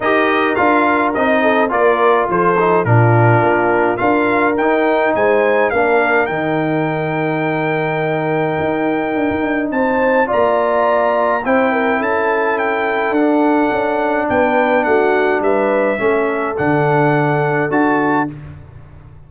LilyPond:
<<
  \new Staff \with { instrumentName = "trumpet" } { \time 4/4 \tempo 4 = 105 dis''4 f''4 dis''4 d''4 | c''4 ais'2 f''4 | g''4 gis''4 f''4 g''4~ | g''1~ |
g''4 a''4 ais''2 | g''4 a''4 g''4 fis''4~ | fis''4 g''4 fis''4 e''4~ | e''4 fis''2 a''4 | }
  \new Staff \with { instrumentName = "horn" } { \time 4/4 ais'2~ ais'8 a'8 ais'4 | a'4 f'2 ais'4~ | ais'4 c''4 ais'2~ | ais'1~ |
ais'4 c''4 d''2 | c''8 ais'8 a'2.~ | a'4 b'4 fis'4 b'4 | a'1 | }
  \new Staff \with { instrumentName = "trombone" } { \time 4/4 g'4 f'4 dis'4 f'4~ | f'8 dis'8 d'2 f'4 | dis'2 d'4 dis'4~ | dis'1~ |
dis'2 f'2 | e'2. d'4~ | d'1 | cis'4 d'2 fis'4 | }
  \new Staff \with { instrumentName = "tuba" } { \time 4/4 dis'4 d'4 c'4 ais4 | f4 ais,4 ais4 d'4 | dis'4 gis4 ais4 dis4~ | dis2. dis'4 |
d'16 dis'16 d'8 c'4 ais2 | c'4 cis'2 d'4 | cis'4 b4 a4 g4 | a4 d2 d'4 | }
>>